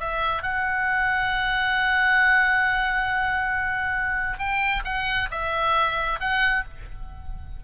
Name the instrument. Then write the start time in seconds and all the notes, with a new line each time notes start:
oboe
0.00 E5
0.43 F#5
4.39 G5
4.85 F#5
5.31 E5
6.20 F#5